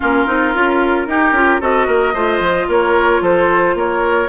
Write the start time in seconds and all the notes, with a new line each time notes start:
0.00 A#3 C#4 F4 A#4
0.26 C4 D#4
0.54 C#4 F4
1.06 D#4 G4
1.32 C#4 F4
1.60 C4 F#4 A4 D#5
1.86 A#3 A#4
2.13 A3 F4 C5
2.39 F3
2.68 A#3 A#4 C#5
3.20 F3 A4 C5
3.74 A#3 A#4 C#5